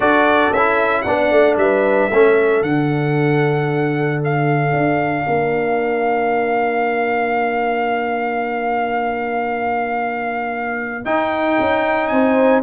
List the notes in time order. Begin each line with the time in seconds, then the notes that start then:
0.00 D4 F#4 A4 D5
0.52 C#4 E4 E5
1.02 B3 D4 D5 F#5
1.31 A3
1.57 G3 B4 E5
2.11 A3 C#4 A4
2.61 D3 D4 F#5
4.23 F5
4.72 D4
5.26 A#3 A#4
11.04 D#4 G5
11.59 C#4
12.07 C4 C5 G#5